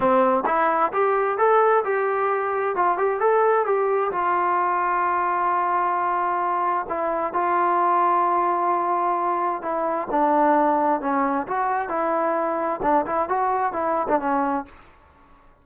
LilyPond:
\new Staff \with { instrumentName = "trombone" } { \time 4/4 \tempo 4 = 131 c'4 e'4 g'4 a'4 | g'2 f'8 g'8 a'4 | g'4 f'2.~ | f'2. e'4 |
f'1~ | f'4 e'4 d'2 | cis'4 fis'4 e'2 | d'8 e'8 fis'4 e'8. d'16 cis'4 | }